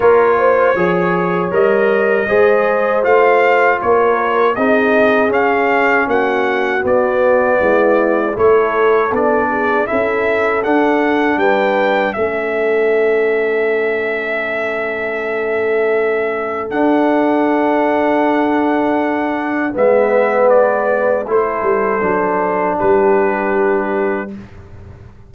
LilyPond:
<<
  \new Staff \with { instrumentName = "trumpet" } { \time 4/4 \tempo 4 = 79 cis''2 dis''2 | f''4 cis''4 dis''4 f''4 | fis''4 d''2 cis''4 | d''4 e''4 fis''4 g''4 |
e''1~ | e''2 fis''2~ | fis''2 e''4 d''4 | c''2 b'2 | }
  \new Staff \with { instrumentName = "horn" } { \time 4/4 ais'8 c''8 cis''2 c''4~ | c''4 ais'4 gis'2 | fis'2 e'4 a'4~ | a'8 gis'8 a'2 b'4 |
a'1~ | a'1~ | a'2 b'2 | a'2 g'2 | }
  \new Staff \with { instrumentName = "trombone" } { \time 4/4 f'4 gis'4 ais'4 gis'4 | f'2 dis'4 cis'4~ | cis'4 b2 e'4 | d'4 e'4 d'2 |
cis'1~ | cis'2 d'2~ | d'2 b2 | e'4 d'2. | }
  \new Staff \with { instrumentName = "tuba" } { \time 4/4 ais4 f4 g4 gis4 | a4 ais4 c'4 cis'4 | ais4 b4 gis4 a4 | b4 cis'4 d'4 g4 |
a1~ | a2 d'2~ | d'2 gis2 | a8 g8 fis4 g2 | }
>>